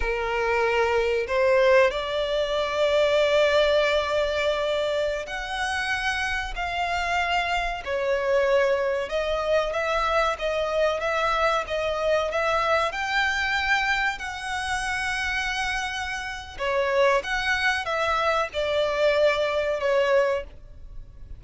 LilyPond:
\new Staff \with { instrumentName = "violin" } { \time 4/4 \tempo 4 = 94 ais'2 c''4 d''4~ | d''1~ | d''16 fis''2 f''4.~ f''16~ | f''16 cis''2 dis''4 e''8.~ |
e''16 dis''4 e''4 dis''4 e''8.~ | e''16 g''2 fis''4.~ fis''16~ | fis''2 cis''4 fis''4 | e''4 d''2 cis''4 | }